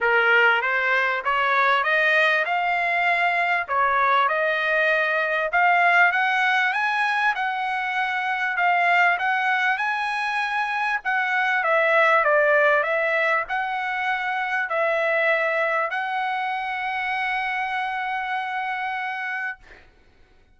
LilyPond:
\new Staff \with { instrumentName = "trumpet" } { \time 4/4 \tempo 4 = 98 ais'4 c''4 cis''4 dis''4 | f''2 cis''4 dis''4~ | dis''4 f''4 fis''4 gis''4 | fis''2 f''4 fis''4 |
gis''2 fis''4 e''4 | d''4 e''4 fis''2 | e''2 fis''2~ | fis''1 | }